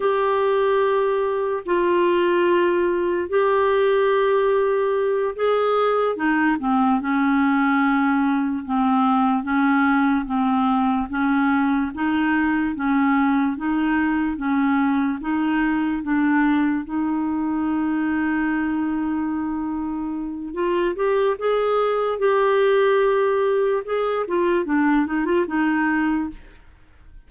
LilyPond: \new Staff \with { instrumentName = "clarinet" } { \time 4/4 \tempo 4 = 73 g'2 f'2 | g'2~ g'8 gis'4 dis'8 | c'8 cis'2 c'4 cis'8~ | cis'8 c'4 cis'4 dis'4 cis'8~ |
cis'8 dis'4 cis'4 dis'4 d'8~ | d'8 dis'2.~ dis'8~ | dis'4 f'8 g'8 gis'4 g'4~ | g'4 gis'8 f'8 d'8 dis'16 f'16 dis'4 | }